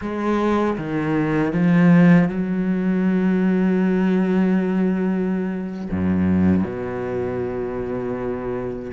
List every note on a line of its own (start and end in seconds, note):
0.01 0.77 G#3
0.77 1.52 D#3
1.52 2.28 F3
2.28 5.89 F#3
5.90 6.63 F#2
6.63 8.91 B2